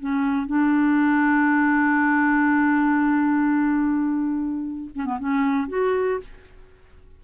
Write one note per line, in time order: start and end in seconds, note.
0.00 0.47 C#4
0.47 4.90 D4
4.95 5.06 C#4
5.06 5.19 B3
5.19 5.68 C#4
5.68 6.20 F#4